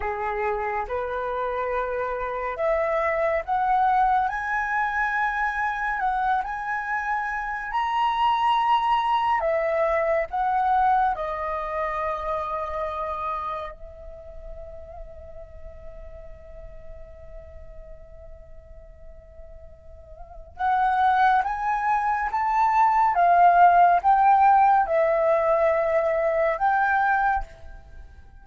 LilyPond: \new Staff \with { instrumentName = "flute" } { \time 4/4 \tempo 4 = 70 gis'4 b'2 e''4 | fis''4 gis''2 fis''8 gis''8~ | gis''4 ais''2 e''4 | fis''4 dis''2. |
e''1~ | e''1 | fis''4 gis''4 a''4 f''4 | g''4 e''2 g''4 | }